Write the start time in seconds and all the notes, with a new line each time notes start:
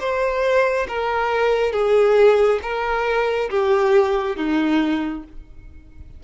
0.00 C5
0.88 A#4
1.72 G#4
2.62 A#4
3.50 G4
4.36 D#4